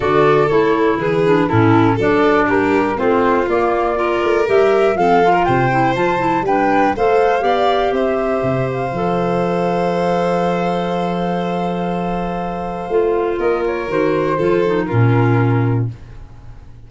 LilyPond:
<<
  \new Staff \with { instrumentName = "flute" } { \time 4/4 \tempo 4 = 121 d''4 cis''4 b'4 a'4 | d''4 ais'4 c''4 d''4~ | d''4 e''4 f''4 g''4 | a''4 g''4 f''2 |
e''4. f''2~ f''8~ | f''1~ | f''2. dis''8 cis''8 | c''2 ais'2 | }
  \new Staff \with { instrumentName = "violin" } { \time 4/4 a'2 gis'4 e'4 | a'4 g'4 f'2 | ais'2 a'8. ais'16 c''4~ | c''4 b'4 c''4 d''4 |
c''1~ | c''1~ | c''2. ais'4~ | ais'4 a'4 f'2 | }
  \new Staff \with { instrumentName = "clarinet" } { \time 4/4 fis'4 e'4. d'8 cis'4 | d'2 c'4 ais4 | f'4 g'4 c'8 f'4 e'8 | f'8 e'8 d'4 a'4 g'4~ |
g'2 a'2~ | a'1~ | a'2 f'2 | fis'4 f'8 dis'8 cis'2 | }
  \new Staff \with { instrumentName = "tuba" } { \time 4/4 d4 a4 e4 a,4 | fis4 g4 a4 ais4~ | ais8 a8 g4 f4 c4 | f4 g4 a4 b4 |
c'4 c4 f2~ | f1~ | f2 a4 ais4 | dis4 f4 ais,2 | }
>>